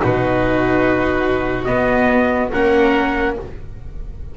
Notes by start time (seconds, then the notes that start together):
0.00 B2 D#4 F#4 B4
1.65 B3 D#5
2.51 A#3 C#4 A#4 F#5